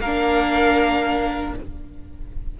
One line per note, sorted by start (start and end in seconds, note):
0.00 1.54 A#3
0.00 1.54 A#4
0.00 1.55 F5
0.06 1.60 D4